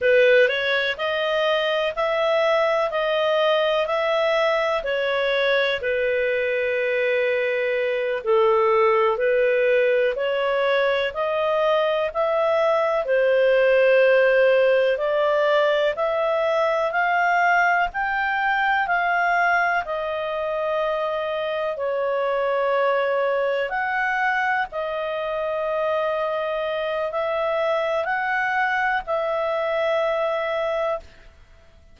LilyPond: \new Staff \with { instrumentName = "clarinet" } { \time 4/4 \tempo 4 = 62 b'8 cis''8 dis''4 e''4 dis''4 | e''4 cis''4 b'2~ | b'8 a'4 b'4 cis''4 dis''8~ | dis''8 e''4 c''2 d''8~ |
d''8 e''4 f''4 g''4 f''8~ | f''8 dis''2 cis''4.~ | cis''8 fis''4 dis''2~ dis''8 | e''4 fis''4 e''2 | }